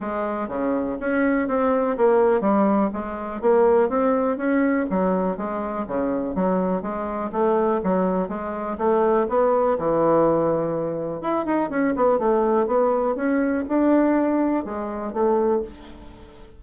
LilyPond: \new Staff \with { instrumentName = "bassoon" } { \time 4/4 \tempo 4 = 123 gis4 cis4 cis'4 c'4 | ais4 g4 gis4 ais4 | c'4 cis'4 fis4 gis4 | cis4 fis4 gis4 a4 |
fis4 gis4 a4 b4 | e2. e'8 dis'8 | cis'8 b8 a4 b4 cis'4 | d'2 gis4 a4 | }